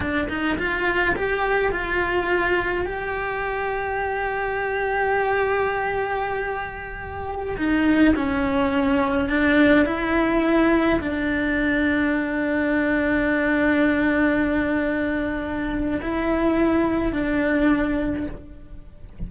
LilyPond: \new Staff \with { instrumentName = "cello" } { \time 4/4 \tempo 4 = 105 d'8 dis'8 f'4 g'4 f'4~ | f'4 g'2.~ | g'1~ | g'4~ g'16 dis'4 cis'4.~ cis'16~ |
cis'16 d'4 e'2 d'8.~ | d'1~ | d'1 | e'2 d'2 | }